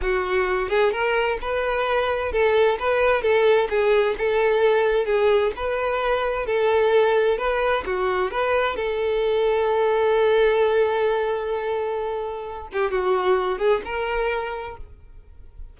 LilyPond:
\new Staff \with { instrumentName = "violin" } { \time 4/4 \tempo 4 = 130 fis'4. gis'8 ais'4 b'4~ | b'4 a'4 b'4 a'4 | gis'4 a'2 gis'4 | b'2 a'2 |
b'4 fis'4 b'4 a'4~ | a'1~ | a'2.~ a'8 g'8 | fis'4. gis'8 ais'2 | }